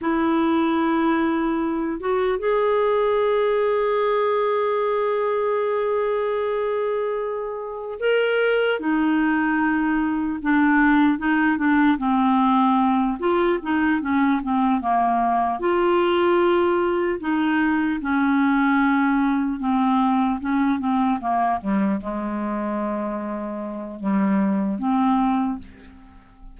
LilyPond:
\new Staff \with { instrumentName = "clarinet" } { \time 4/4 \tempo 4 = 75 e'2~ e'8 fis'8 gis'4~ | gis'1~ | gis'2 ais'4 dis'4~ | dis'4 d'4 dis'8 d'8 c'4~ |
c'8 f'8 dis'8 cis'8 c'8 ais4 f'8~ | f'4. dis'4 cis'4.~ | cis'8 c'4 cis'8 c'8 ais8 g8 gis8~ | gis2 g4 c'4 | }